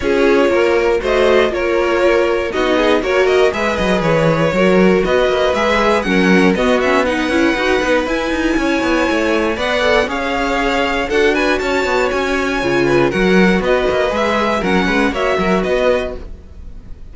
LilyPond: <<
  \new Staff \with { instrumentName = "violin" } { \time 4/4 \tempo 4 = 119 cis''2 dis''4 cis''4~ | cis''4 dis''4 cis''8 dis''8 e''8 dis''8 | cis''2 dis''4 e''4 | fis''4 dis''8 e''8 fis''2 |
gis''2. fis''4 | f''2 fis''8 gis''8 a''4 | gis''2 fis''4 dis''4 | e''4 fis''4 e''4 dis''4 | }
  \new Staff \with { instrumentName = "violin" } { \time 4/4 gis'4 ais'4 c''4 ais'4~ | ais'4 fis'8 gis'8 ais'4 b'4~ | b'4 ais'4 b'2 | ais'4 fis'4 b'2~ |
b'4 cis''2 d''4 | cis''2 a'8 b'8 cis''4~ | cis''4. b'8 ais'4 b'4~ | b'4 ais'8 b'8 cis''8 ais'8 b'4 | }
  \new Staff \with { instrumentName = "viola" } { \time 4/4 f'2 fis'4 f'4~ | f'4 dis'4 fis'4 gis'4~ | gis'4 fis'2 gis'4 | cis'4 b8 cis'8 dis'8 e'8 fis'8 dis'8 |
e'2. b'8 a'8 | gis'2 fis'2~ | fis'4 f'4 fis'2 | gis'4 cis'4 fis'2 | }
  \new Staff \with { instrumentName = "cello" } { \time 4/4 cis'4 ais4 a4 ais4~ | ais4 b4 ais4 gis8 fis8 | e4 fis4 b8 ais8 gis4 | fis4 b4. cis'8 dis'8 b8 |
e'8 dis'8 cis'8 b8 a4 b4 | cis'2 d'4 cis'8 b8 | cis'4 cis4 fis4 b8 ais8 | gis4 fis8 gis8 ais8 fis8 b4 | }
>>